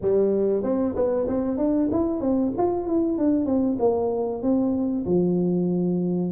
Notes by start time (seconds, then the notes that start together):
0.01 G3
0.63 C4
0.95 B3
1.27 C4
1.57 D4
1.91 E4
2.20 C4
2.57 F4
2.87 E4
3.18 D4
3.45 C4
3.79 A#3
4.42 C4
5.05 F3